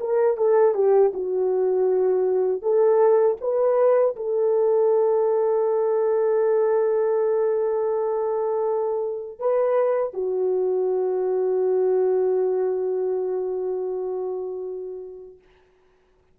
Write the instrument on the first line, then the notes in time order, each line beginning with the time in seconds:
horn
0.00 A#4
0.37 A4
0.74 G4
1.14 F#4
2.62 A4
3.41 B4
4.16 A4
9.39 B4
10.14 F#4